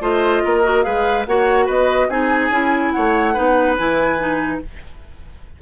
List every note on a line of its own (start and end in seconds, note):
0.00 0.42 A3
0.00 0.64 F4
0.00 0.43 C5
0.00 0.83 D#5
0.44 0.86 A#3
0.44 0.84 A#4
0.64 0.83 F#4
0.83 1.26 G#3
0.83 1.24 G#4
0.83 1.26 B4
0.83 1.24 F5
1.26 1.68 A#3
1.26 2.10 F#4
1.26 1.65 C#5
1.26 1.68 F#5
1.65 2.08 B3
1.65 2.07 B4
1.65 2.09 D#5
2.08 2.50 C4
2.08 2.51 D#4
2.08 2.92 G#4
2.08 2.91 G#5
2.50 2.91 C#4
2.50 3.34 E4
2.91 3.37 A3
2.91 3.33 C#5
2.91 3.75 F#5
3.33 3.78 B3
3.33 3.76 D#4
3.33 4.58 B4
3.77 4.61 E3
3.77 4.19 E4
3.77 4.61 G#5
4.19 4.61 D#4